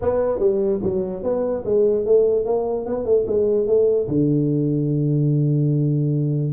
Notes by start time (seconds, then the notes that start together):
0.01 B3
0.39 G3
0.82 F#3
1.23 B3
1.65 G#3
2.05 A3
2.45 A#3
2.86 B3
3.05 A3
3.27 G#3
3.67 A3
4.07 D3